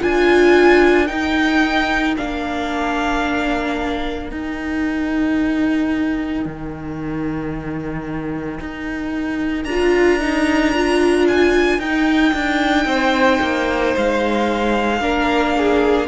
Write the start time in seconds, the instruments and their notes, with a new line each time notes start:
0.00 cello D4, viola F4, violin A#4 G#5
1.07 viola D#4, cello D#4, violin G5
2.17 cello A#3, viola D4, violin F5
4.30 viola D#4, cello D#4, violin G5
6.45 cello D#3
8.60 cello D#4
9.65 cello D4, viola F4, violin A#5
10.20 viola D#4
10.74 viola F4
11.28 violin G#5
11.79 cello D#4, viola D#4, violin G5
12.33 cello D4
12.85 cello C4, violin C5
13.41 cello A#3
13.97 cello G#3, violin F5
15.00 cello A#3, viola D4, violin A#4
15.57 violin G#4